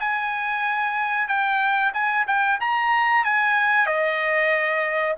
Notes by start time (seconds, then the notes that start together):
0.00 G#5
1.28 G5
1.94 G#5
2.27 G5
2.60 A#5
3.25 G#5
3.87 D#5